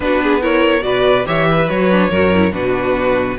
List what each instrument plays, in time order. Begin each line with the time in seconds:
0.00 cello B3, viola D4, violin F#4 B4
0.23 violin G#4
0.41 viola E4, violin A#4 C#5
0.81 cello B2, viola F#4, violin B4 D5
1.25 cello E3, viola G4, violin C#5 E5
1.51 violin B4
1.68 cello F#3, viola F#4, violin C#5
1.91 viola D4
2.10 cello F#2, viola F#4, violin A#4
2.34 viola E4
2.51 cello B2, viola D4, violin F#4 B4